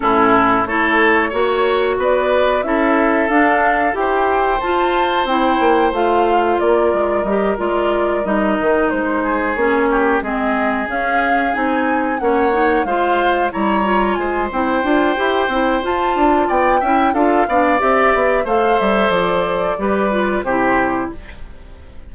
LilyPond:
<<
  \new Staff \with { instrumentName = "flute" } { \time 4/4 \tempo 4 = 91 a'4 cis''2 d''4 | e''4 f''4 g''4 a''4 | g''4 f''4 d''4 dis''8 d''8~ | d''8 dis''4 c''4 cis''4 dis''8~ |
dis''8 f''4 gis''4 fis''4 f''8~ | f''8 ais''4 gis''8 g''2 | a''4 g''4 f''4 e''4 | f''8 e''8 d''2 c''4 | }
  \new Staff \with { instrumentName = "oboe" } { \time 4/4 e'4 a'4 cis''4 b'4 | a'2 c''2~ | c''2 ais'2~ | ais'2 gis'4 g'8 gis'8~ |
gis'2~ gis'8 cis''4 c''8~ | c''8 cis''4 c''2~ c''8~ | c''4 d''8 e''8 a'8 d''4. | c''2 b'4 g'4 | }
  \new Staff \with { instrumentName = "clarinet" } { \time 4/4 cis'4 e'4 fis'2 | e'4 d'4 g'4 f'4 | e'4 f'2 g'8 f'8~ | f'8 dis'2 cis'4 c'8~ |
c'8 cis'4 dis'4 cis'8 dis'8 f'8~ | f'8 e'8 f'4 e'8 f'8 g'8 e'8 | f'4. e'8 f'8 d'8 g'4 | a'2 g'8 f'8 e'4 | }
  \new Staff \with { instrumentName = "bassoon" } { \time 4/4 a,4 a4 ais4 b4 | cis'4 d'4 e'4 f'4 | c'8 ais8 a4 ais8 gis8 g8 gis8~ | gis8 g8 dis8 gis4 ais4 gis8~ |
gis8 cis'4 c'4 ais4 gis8~ | gis8 g4 gis8 c'8 d'8 e'8 c'8 | f'8 d'8 b8 cis'8 d'8 b8 c'8 b8 | a8 g8 f4 g4 c4 | }
>>